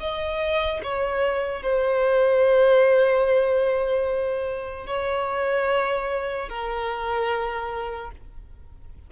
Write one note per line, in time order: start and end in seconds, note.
0.00 0.81 D#5
0.83 1.63 C#5
1.63 4.87 C5
4.87 6.49 C#5
6.49 8.12 A#4